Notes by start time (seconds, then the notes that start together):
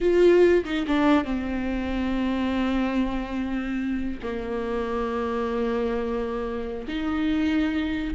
0.01 F4
0.65 D#4
0.87 D4
1.24 C4
4.23 A#3
6.87 D#4